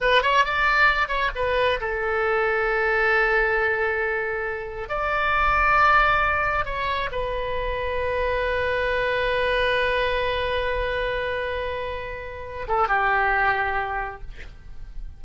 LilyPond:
\new Staff \with { instrumentName = "oboe" } { \time 4/4 \tempo 4 = 135 b'8 cis''8 d''4. cis''8 b'4 | a'1~ | a'2. d''4~ | d''2. cis''4 |
b'1~ | b'1~ | b'1~ | b'8 a'8 g'2. | }